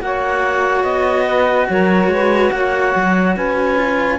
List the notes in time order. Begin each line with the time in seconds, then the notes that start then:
0.00 A#3 F#4 C#5 F#5
0.83 B3 D#5
1.25 B4
1.69 F#3 A#4 C#5
2.07 G#3 B4
2.50 A#3 C#5 F#5
2.95 F#3
3.35 C#4 B4 G#5
3.77 F4